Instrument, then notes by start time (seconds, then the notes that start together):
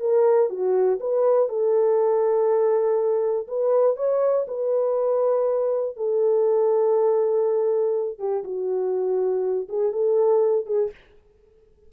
horn
0.00 A#4
0.50 F#4
1.00 B4
1.49 A4
3.48 B4
3.96 C#5
4.48 B4
5.96 A4
8.19 G4
8.44 F#4
9.69 G#4
9.93 A4
10.66 G#4